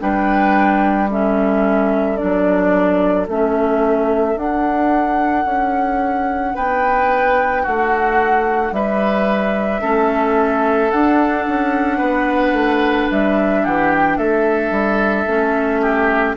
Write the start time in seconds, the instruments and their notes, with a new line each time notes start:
0.00 bassoon G3, clarinet D4, oboe B4, flute G5
1.10 clarinet C#4, oboe A4, flute E5
2.17 clarinet D4, flute D5
2.23 bassoon F#3
3.28 bassoon A3, clarinet C#4, flute E5
4.36 bassoon D4, clarinet D4, flute F#5
5.45 bassoon C#4
6.55 bassoon B3, oboe B4, flute G5
7.63 bassoon A3, oboe F#4, flute F#5
8.72 bassoon G3, oboe B4, flute E5
9.81 bassoon A3, clarinet C#4, oboe A4
10.91 bassoon D4, clarinet D4, flute F#5
11.48 bassoon C#4
11.98 bassoon B3, oboe B4
12.53 bassoon A3
13.11 bassoon G3, flute E5
13.63 bassoon E3, oboe G4, flute F#5
13.92 flute G5
14.18 bassoon A3, oboe A4, flute E5
14.71 bassoon G3
15.27 bassoon A3, clarinet C#4
15.82 oboe G4